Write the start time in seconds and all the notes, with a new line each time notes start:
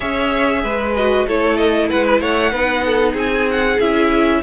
0.00 C#4 G#4 C#5 E5
0.63 G#3 B4
0.95 F#4 D#5
1.27 A3 E4 A4 C#5
1.57 D#5
1.89 G#3 B4 F#5
2.05 B4
2.20 A3 C#5 F#5
2.51 B3 D#4 B4
2.85 A4
3.12 C4 G#4 G#5
3.50 F#5
3.80 C#4 E4 E5